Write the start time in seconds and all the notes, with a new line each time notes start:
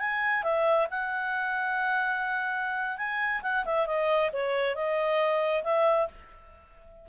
0.00 G#5
0.44 E5
0.91 F#5
2.98 G#5
3.43 F#5
3.66 E5
3.87 D#5
4.33 C#5
4.75 D#5
5.64 E5